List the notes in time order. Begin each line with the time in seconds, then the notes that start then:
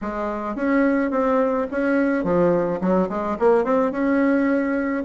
0.01 G#3
0.55 C#4
1.10 C4
1.71 C#4
2.24 F3
2.80 F#3
3.09 G#3
3.39 A#3
3.64 C4
3.91 C#4